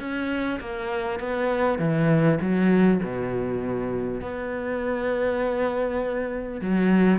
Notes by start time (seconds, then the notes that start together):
0.00 C#4
0.60 A#3
1.19 B3
1.79 E3
2.41 F#3
3.03 B2
4.22 B3
6.62 F#3